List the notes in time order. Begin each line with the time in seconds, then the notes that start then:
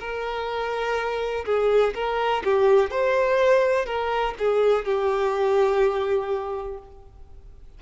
0.00 A#4
1.46 G#4
1.95 A#4
2.45 G4
2.91 C5
3.86 A#4
4.39 G#4
4.85 G4